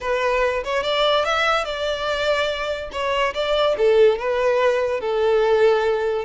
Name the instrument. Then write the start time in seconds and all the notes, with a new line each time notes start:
violin
0.01 B4
0.64 C#5
0.83 D5
1.25 E5
1.64 D5
2.91 C#5
3.34 D5
3.77 A4
4.18 B4
5.00 A4